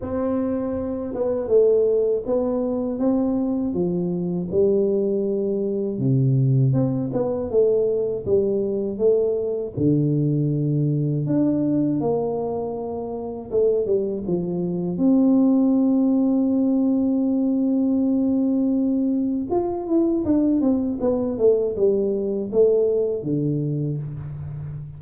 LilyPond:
\new Staff \with { instrumentName = "tuba" } { \time 4/4 \tempo 4 = 80 c'4. b8 a4 b4 | c'4 f4 g2 | c4 c'8 b8 a4 g4 | a4 d2 d'4 |
ais2 a8 g8 f4 | c'1~ | c'2 f'8 e'8 d'8 c'8 | b8 a8 g4 a4 d4 | }